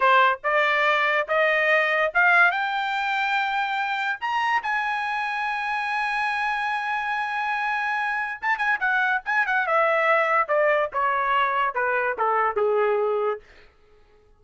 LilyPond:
\new Staff \with { instrumentName = "trumpet" } { \time 4/4 \tempo 4 = 143 c''4 d''2 dis''4~ | dis''4 f''4 g''2~ | g''2 ais''4 gis''4~ | gis''1~ |
gis''1 | a''8 gis''8 fis''4 gis''8 fis''8 e''4~ | e''4 d''4 cis''2 | b'4 a'4 gis'2 | }